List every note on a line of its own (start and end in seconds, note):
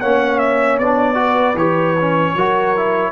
0.00 0.79 A#3
0.00 0.82 C#4
0.00 1.17 C#5
0.00 0.39 F#5
0.39 0.78 E5
0.79 1.55 B3
0.79 1.15 D4
0.79 1.57 D5
1.15 1.54 F#4
1.15 2.36 B4
1.55 2.33 E3
1.55 1.97 G4
1.55 3.12 C#5
2.00 2.38 C#4
2.36 3.12 F#3
2.36 2.77 F#4
2.36 3.12 A#4
2.77 3.12 E4